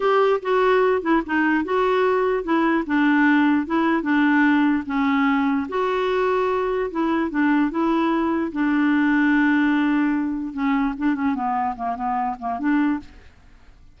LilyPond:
\new Staff \with { instrumentName = "clarinet" } { \time 4/4 \tempo 4 = 148 g'4 fis'4. e'8 dis'4 | fis'2 e'4 d'4~ | d'4 e'4 d'2 | cis'2 fis'2~ |
fis'4 e'4 d'4 e'4~ | e'4 d'2.~ | d'2 cis'4 d'8 cis'8 | b4 ais8 b4 ais8 d'4 | }